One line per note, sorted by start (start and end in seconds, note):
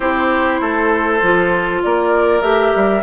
0.00 0.60 C4
0.00 1.21 E4
0.00 0.60 G4
0.00 1.80 C5
0.60 1.21 A3
0.60 1.82 A4
1.21 1.82 F3
1.21 2.41 F4
1.82 2.41 A#3
1.82 3.02 A#4
1.82 2.42 D5
2.41 2.71 A3
2.41 3.02 G4
2.41 3.02 E5
2.75 3.02 G3